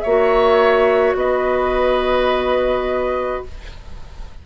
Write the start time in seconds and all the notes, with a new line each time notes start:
0.00 A#3 C#5 E5
0.06 F#4
1.14 B3 B4 D#5